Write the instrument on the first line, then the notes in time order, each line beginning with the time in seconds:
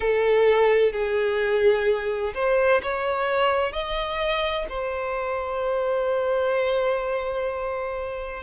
violin
0.00 A4
0.92 G#4
2.34 C5
2.82 C#5
3.72 D#5
4.69 C5